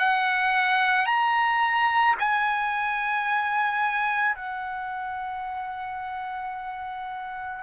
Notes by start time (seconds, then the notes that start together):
0.00 F#5
1.06 A#5
2.20 G#5
4.36 F#5